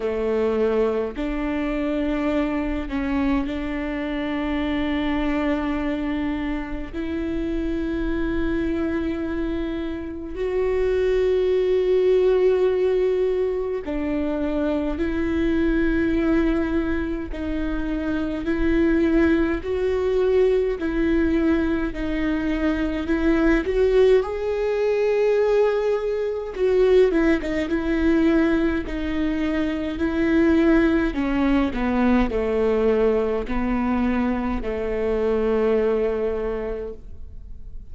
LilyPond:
\new Staff \with { instrumentName = "viola" } { \time 4/4 \tempo 4 = 52 a4 d'4. cis'8 d'4~ | d'2 e'2~ | e'4 fis'2. | d'4 e'2 dis'4 |
e'4 fis'4 e'4 dis'4 | e'8 fis'8 gis'2 fis'8 e'16 dis'16 | e'4 dis'4 e'4 cis'8 b8 | a4 b4 a2 | }